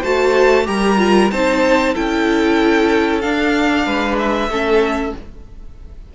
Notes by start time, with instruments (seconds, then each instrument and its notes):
0.00 cello A3, viola F#4, violin C5 A5
0.66 cello G3, viola G4, violin A#4 A#5
0.97 viola F4
1.31 cello C4, viola D#4, violin C5 A5
1.93 cello C#4, viola E4, violin A4 G5
3.21 viola D4, cello D4, violin F5
3.86 cello G#3, violin B4
4.18 violin E5
4.48 cello A3, viola C#4, violin A4